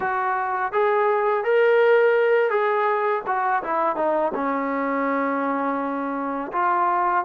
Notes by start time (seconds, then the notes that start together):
0.00 F#4
0.72 G#4
1.44 A#4
2.50 G#4
3.26 F#4
3.63 E4
3.96 D#4
4.34 C#4
6.52 F4